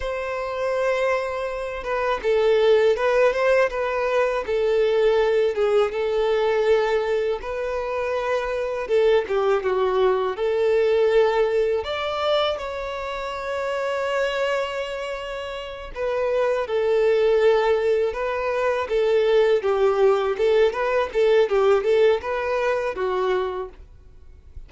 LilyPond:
\new Staff \with { instrumentName = "violin" } { \time 4/4 \tempo 4 = 81 c''2~ c''8 b'8 a'4 | b'8 c''8 b'4 a'4. gis'8 | a'2 b'2 | a'8 g'8 fis'4 a'2 |
d''4 cis''2.~ | cis''4. b'4 a'4.~ | a'8 b'4 a'4 g'4 a'8 | b'8 a'8 g'8 a'8 b'4 fis'4 | }